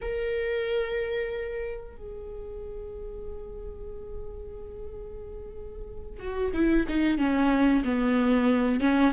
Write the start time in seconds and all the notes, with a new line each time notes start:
0.01 A#4
1.96 G#4
6.19 F#4
6.53 E4
6.88 D#4
7.18 C#4
7.84 B3
8.80 C#4